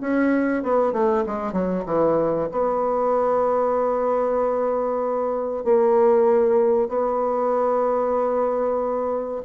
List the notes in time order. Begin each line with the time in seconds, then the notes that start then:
0.00 C#4
0.63 B3
0.92 A3
1.26 G#3
1.52 F#3
1.85 E3
2.51 B3
5.64 A#3
6.88 B3